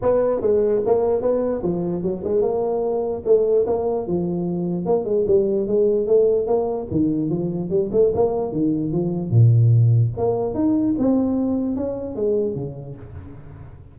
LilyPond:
\new Staff \with { instrumentName = "tuba" } { \time 4/4 \tempo 4 = 148 b4 gis4 ais4 b4 | f4 fis8 gis8 ais2 | a4 ais4 f2 | ais8 gis8 g4 gis4 a4 |
ais4 dis4 f4 g8 a8 | ais4 dis4 f4 ais,4~ | ais,4 ais4 dis'4 c'4~ | c'4 cis'4 gis4 cis4 | }